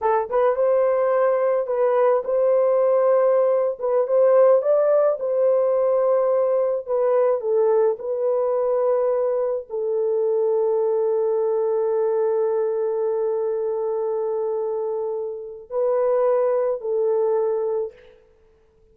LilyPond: \new Staff \with { instrumentName = "horn" } { \time 4/4 \tempo 4 = 107 a'8 b'8 c''2 b'4 | c''2~ c''8. b'8 c''8.~ | c''16 d''4 c''2~ c''8.~ | c''16 b'4 a'4 b'4.~ b'16~ |
b'4~ b'16 a'2~ a'8.~ | a'1~ | a'1 | b'2 a'2 | }